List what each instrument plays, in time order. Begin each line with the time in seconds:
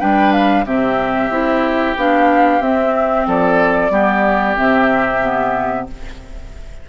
0.00 bassoon G3, clarinet D4, oboe B4, flute G5
0.33 flute F5
0.66 bassoon C3, clarinet C4, oboe G4, flute E5
1.30 bassoon C4, clarinet E4
1.97 bassoon B3, clarinet D4, flute F5
2.61 bassoon C4, clarinet C4, flute E5
3.27 bassoon F3, oboe A4, flute D5
3.90 bassoon G3, clarinet B3, oboe G4
4.56 bassoon C3, clarinet C4, flute E5
5.22 clarinet B3